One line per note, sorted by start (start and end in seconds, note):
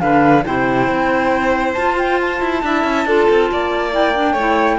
0.00 0.45 D3
0.00 0.43 D4
0.00 0.45 B4
0.00 0.44 F5
0.46 0.88 C3
0.46 1.76 E4
0.46 2.64 C5
0.46 1.74 G5
0.88 1.75 C4
1.74 2.41 F4
1.74 2.64 F4
1.74 1.95 A5
1.98 2.20 G5
2.21 3.94 A5
2.41 2.63 E4
2.63 2.84 D4
2.63 3.07 E4
2.63 3.07 E5
2.84 3.06 C#4
3.06 3.27 D4
3.06 3.91 F4
3.06 3.50 A4
3.30 3.52 C4
3.52 4.34 A#3
3.52 4.33 D5
3.91 4.13 E4
3.91 4.80 G5
4.15 4.36 D4
4.33 4.78 A3
4.33 4.80 E4
4.33 4.77 C#5